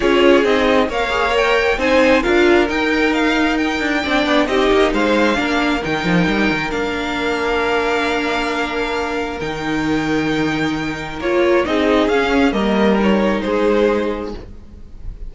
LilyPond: <<
  \new Staff \with { instrumentName = "violin" } { \time 4/4 \tempo 4 = 134 cis''4 dis''4 f''4 g''4 | gis''4 f''4 g''4 f''4 | g''2 dis''4 f''4~ | f''4 g''2 f''4~ |
f''1~ | f''4 g''2.~ | g''4 cis''4 dis''4 f''4 | dis''4 cis''4 c''2 | }
  \new Staff \with { instrumentName = "violin" } { \time 4/4 gis'2 cis''2 | c''4 ais'2.~ | ais'4 d''4 g'4 c''4 | ais'1~ |
ais'1~ | ais'1~ | ais'2 gis'2 | ais'2 gis'2 | }
  \new Staff \with { instrumentName = "viola" } { \time 4/4 f'4 dis'4 ais'8 gis'8 ais'4 | dis'4 f'4 dis'2~ | dis'4 d'4 dis'2 | d'4 dis'2 d'4~ |
d'1~ | d'4 dis'2.~ | dis'4 f'4 dis'4 cis'4 | ais4 dis'2. | }
  \new Staff \with { instrumentName = "cello" } { \time 4/4 cis'4 c'4 ais2 | c'4 d'4 dis'2~ | dis'8 d'8 c'8 b8 c'8 ais8 gis4 | ais4 dis8 f8 g8 dis8 ais4~ |
ais1~ | ais4 dis2.~ | dis4 ais4 c'4 cis'4 | g2 gis2 | }
>>